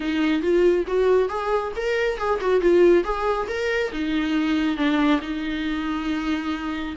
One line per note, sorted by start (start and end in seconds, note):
0.00 0.42 D#4
0.42 0.85 F4
0.87 1.28 F#4
1.28 1.72 G#4
1.75 2.18 A#4
2.18 2.39 G#4
2.40 2.60 F#4
2.60 3.03 F4
3.03 3.47 G#4
3.48 3.91 A#4
3.92 4.76 D#4
4.76 5.20 D4
5.21 6.95 D#4